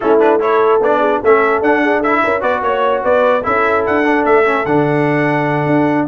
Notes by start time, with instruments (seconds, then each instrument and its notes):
0.00 tuba A3, trombone C#4, horn E4, trumpet A4
0.19 trombone D4, trumpet B4
0.40 trombone E4, horn A4, trumpet C#5
0.80 tuba B3, trombone D4, trumpet D5
0.99 horn G#4
1.21 tuba A3, trombone C#4, horn A4, trumpet E5
1.61 tuba D4, trombone D4, trumpet F#5
1.82 horn G#4
1.99 trombone E4, horn A4, trumpet E5
2.23 tuba C#4, horn A#4
2.40 tuba B3, trombone F#4, horn B4, trumpet D5
2.61 tuba A#3, trumpet C#5, horn C#5
3.03 tuba B3, horn B4, trumpet D5
3.43 tuba C#4, trombone E4, horn A4, trumpet E5
3.85 tuba D4, trumpet F#5
4.04 trombone D4
4.24 tuba A3, trumpet E5
4.44 trombone C#4
4.65 tuba D3, trombone D4, trumpet F#5
5.66 tuba D4